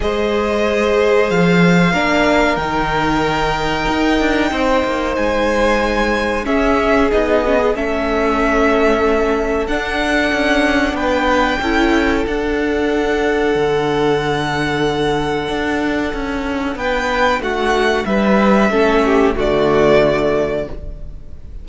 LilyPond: <<
  \new Staff \with { instrumentName = "violin" } { \time 4/4 \tempo 4 = 93 dis''2 f''2 | g''1 | gis''2 e''4 dis''4 | e''2. fis''4~ |
fis''4 g''2 fis''4~ | fis''1~ | fis''2 g''4 fis''4 | e''2 d''2 | }
  \new Staff \with { instrumentName = "violin" } { \time 4/4 c''2. ais'4~ | ais'2. c''4~ | c''2 gis'2 | a'1~ |
a'4 b'4 a'2~ | a'1~ | a'2 b'4 fis'4 | b'4 a'8 g'8 fis'2 | }
  \new Staff \with { instrumentName = "viola" } { \time 4/4 gis'2. d'4 | dis'1~ | dis'2 cis'4 dis'8 cis'16 gis'16 | cis'2. d'4~ |
d'2 e'4 d'4~ | d'1~ | d'1~ | d'4 cis'4 a2 | }
  \new Staff \with { instrumentName = "cello" } { \time 4/4 gis2 f4 ais4 | dis2 dis'8 d'8 c'8 ais8 | gis2 cis'4 b4 | a2. d'4 |
cis'4 b4 cis'4 d'4~ | d'4 d2. | d'4 cis'4 b4 a4 | g4 a4 d2 | }
>>